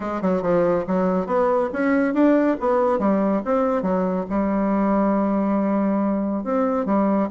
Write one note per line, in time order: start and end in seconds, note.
0.00 0.21 G#3
0.21 0.41 F#3
0.41 0.84 F3
0.87 1.26 F#3
1.26 1.69 B3
1.72 2.14 C#4
2.14 2.56 D4
2.59 2.99 B3
2.99 3.41 G3
3.44 3.82 C4
3.82 4.25 F#3
4.29 6.44 G3
6.44 6.85 C4
6.85 7.28 G3